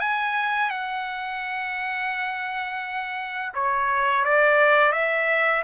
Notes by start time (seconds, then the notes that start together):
0.00 G#5
0.70 F#5
3.55 C#5
4.25 D5
4.93 E5